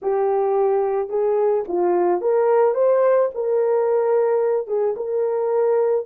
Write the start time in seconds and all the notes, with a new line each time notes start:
0.02 G4
1.09 G#4
1.68 F4
2.21 A#4
2.74 C5
3.34 A#4
4.67 G#4
4.96 A#4